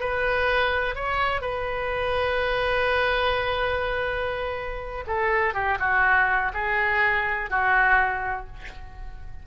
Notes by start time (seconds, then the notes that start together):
0.00 B4
0.95 C#5
1.41 B4
5.07 A4
5.54 G4
5.79 F#4
6.54 G#4
7.50 F#4